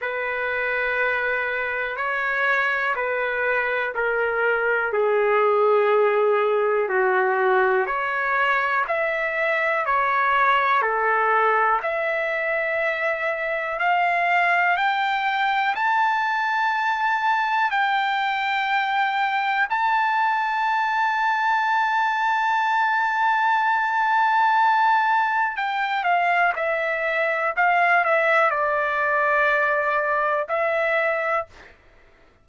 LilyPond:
\new Staff \with { instrumentName = "trumpet" } { \time 4/4 \tempo 4 = 61 b'2 cis''4 b'4 | ais'4 gis'2 fis'4 | cis''4 e''4 cis''4 a'4 | e''2 f''4 g''4 |
a''2 g''2 | a''1~ | a''2 g''8 f''8 e''4 | f''8 e''8 d''2 e''4 | }